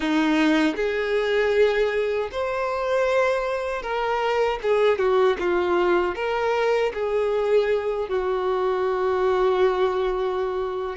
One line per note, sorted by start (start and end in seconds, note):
0.00 0.75 D#4
0.76 2.29 G#4
2.31 3.82 C5
3.82 4.59 A#4
4.62 4.98 G#4
4.98 5.36 F#4
5.39 6.15 F4
6.15 6.92 A#4
6.93 8.08 G#4
8.08 10.96 F#4